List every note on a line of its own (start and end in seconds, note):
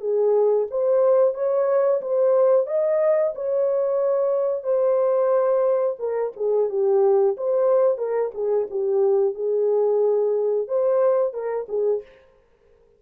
0.00 0.67 G#4
0.70 1.34 C5
1.34 2.01 C#5
2.01 2.66 C5
2.66 3.33 D#5
3.35 4.63 C#5
4.63 5.96 C5
5.98 6.32 A#4
6.36 6.69 G#4
6.69 7.35 G4
7.37 7.98 C5
7.98 8.31 A#4
8.34 8.67 G#4
8.70 9.34 G4
9.34 10.67 G#4
10.68 11.33 C5
11.33 11.66 A#4
11.68 12.02 G#4